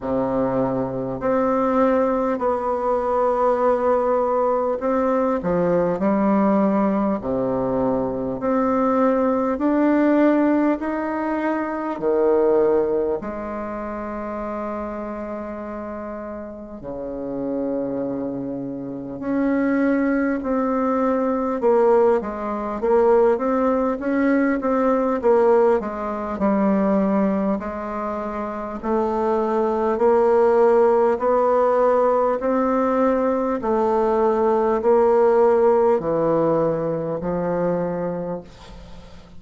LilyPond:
\new Staff \with { instrumentName = "bassoon" } { \time 4/4 \tempo 4 = 50 c4 c'4 b2 | c'8 f8 g4 c4 c'4 | d'4 dis'4 dis4 gis4~ | gis2 cis2 |
cis'4 c'4 ais8 gis8 ais8 c'8 | cis'8 c'8 ais8 gis8 g4 gis4 | a4 ais4 b4 c'4 | a4 ais4 e4 f4 | }